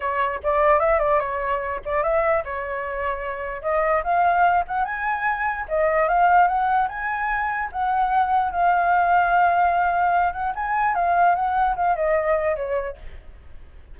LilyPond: \new Staff \with { instrumentName = "flute" } { \time 4/4 \tempo 4 = 148 cis''4 d''4 e''8 d''8 cis''4~ | cis''8 d''8 e''4 cis''2~ | cis''4 dis''4 f''4. fis''8 | gis''2 dis''4 f''4 |
fis''4 gis''2 fis''4~ | fis''4 f''2.~ | f''4. fis''8 gis''4 f''4 | fis''4 f''8 dis''4. cis''4 | }